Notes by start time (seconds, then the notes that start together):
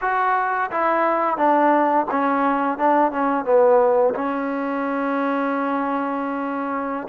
0.01 F#4
0.71 E4
1.37 D4
2.10 C#4
2.78 D4
3.11 C#4
3.45 B3
4.14 C#4